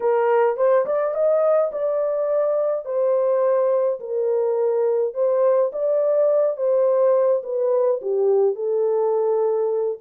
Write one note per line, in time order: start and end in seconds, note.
0.00 0.56 A#4
0.56 0.85 C5
0.85 1.14 D5
1.14 1.71 D#5
1.71 2.85 D5
2.85 3.99 C5
3.99 5.14 A#4
5.14 5.71 C5
5.72 6.56 D5
6.56 7.42 C5
7.43 8.00 B4
8.01 8.55 G4
8.55 9.98 A4